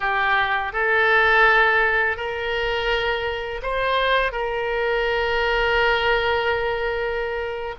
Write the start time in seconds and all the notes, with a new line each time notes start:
0.00 G4
0.72 A4
2.17 A#4
3.62 C5
4.32 A#4